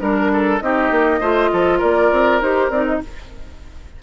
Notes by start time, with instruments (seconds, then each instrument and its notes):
0.00 bassoon G3, clarinet D4, flute A#4, oboe A#4
0.33 oboe A4
0.60 bassoon C4, clarinet D#4, oboe G4, flute D#5
0.91 bassoon A#3
1.21 bassoon A3, clarinet F4, oboe C5
1.52 bassoon F3, oboe A4
1.79 bassoon A#3, oboe A#4, flute D5
2.12 bassoon C4
2.41 bassoon D#4, clarinet G4, flute C5
2.70 bassoon C4, clarinet D#4, flute D5
2.86 flute D#5